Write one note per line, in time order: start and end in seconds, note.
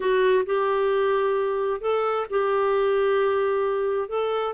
0.00 0.44 F#4
0.45 1.81 G4
1.81 2.26 A4
2.30 4.08 G4
4.08 4.54 A4